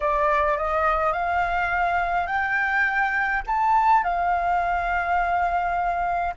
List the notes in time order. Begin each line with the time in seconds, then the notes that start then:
0.00 D5
0.57 D#5
1.12 F5
2.27 G5
3.46 A5
4.03 F5